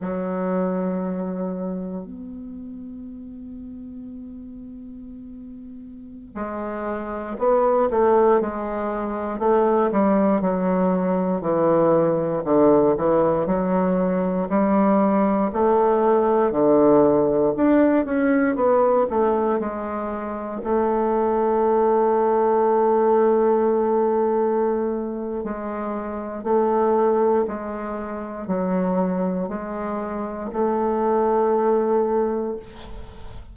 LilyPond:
\new Staff \with { instrumentName = "bassoon" } { \time 4/4 \tempo 4 = 59 fis2 b2~ | b2~ b16 gis4 b8 a16~ | a16 gis4 a8 g8 fis4 e8.~ | e16 d8 e8 fis4 g4 a8.~ |
a16 d4 d'8 cis'8 b8 a8 gis8.~ | gis16 a2.~ a8.~ | a4 gis4 a4 gis4 | fis4 gis4 a2 | }